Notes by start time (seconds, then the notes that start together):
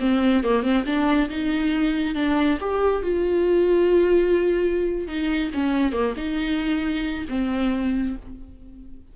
0.00 C4
0.44 A#3
0.63 C4
0.86 D4
1.29 D#4
2.15 D4
2.60 G4
3.03 F4
5.07 D#4
5.54 C#4
5.92 A#3
6.17 D#4
7.29 C4